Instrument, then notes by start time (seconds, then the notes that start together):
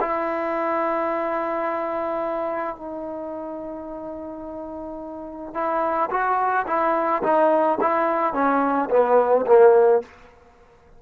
trombone
0.00 E4
2.76 D#4
5.54 E4
6.10 F#4
6.67 E4
7.22 D#4
7.81 E4
8.33 C#4
8.90 B3
9.46 A#3